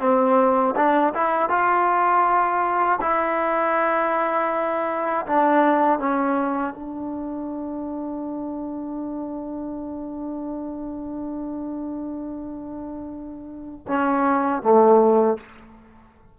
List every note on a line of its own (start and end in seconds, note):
0.00 0.75 C4
0.76 1.14 D4
1.15 1.50 E4
1.50 3.00 F4
3.01 5.26 E4
5.27 6.00 D4
6.00 6.74 C#4
6.74 13.87 D4
13.88 14.63 C#4
14.63 15.38 A3